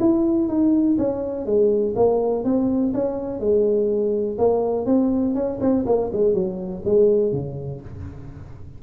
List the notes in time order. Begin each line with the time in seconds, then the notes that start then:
0.00 E4
0.48 D#4
0.98 C#4
1.46 G#3
1.96 A#3
2.44 C4
2.94 C#4
3.40 G#3
4.38 A#3
4.86 C4
5.35 C#4
5.61 C4
5.86 A#3
6.13 G#3
6.34 F#3
6.85 G#3
7.32 C#3